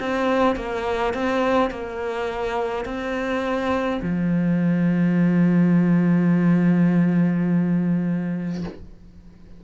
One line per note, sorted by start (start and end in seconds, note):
0.00 0.56 C4
0.56 1.14 A#3
1.14 1.70 C4
1.70 2.85 A#3
2.85 4.00 C4
4.02 8.64 F3